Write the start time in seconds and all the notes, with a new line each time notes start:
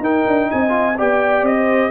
0.00 D#4 A#4 G5
0.28 D4
0.51 C4 D#5 G#5
0.69 F4
0.98 B3 G4 D5 G5
1.42 C4 D#5
1.57 C5